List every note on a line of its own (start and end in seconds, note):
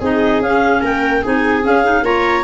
0.00 0.40 C4
0.00 0.43 D#4
0.00 0.81 G#4
0.00 0.42 D#5
0.40 0.81 C#4
0.40 1.23 C#4
0.40 0.83 F5
0.81 1.23 A#3
0.81 1.22 A#4
0.81 1.25 G5
1.22 1.66 C4
1.22 1.62 D#4
1.22 2.03 G#4
1.22 1.65 G#5
1.62 1.82 C#4
1.62 2.02 C#4
1.62 2.05 F5
1.83 2.04 D#4
2.02 2.43 A#3
2.02 2.44 F4
2.02 2.44 C#5
2.02 2.44 A#5